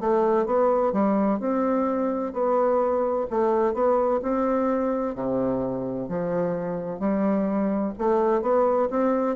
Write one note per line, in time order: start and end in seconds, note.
0.00 0.46 A3
0.46 0.93 B3
0.93 1.40 G3
1.40 2.33 C4
2.33 3.27 B3
3.30 3.74 A3
3.74 4.21 B3
4.22 5.15 C4
5.15 6.09 C3
6.09 6.99 F3
6.99 7.93 G3
7.98 8.42 A3
8.42 8.89 B3
8.90 9.36 C4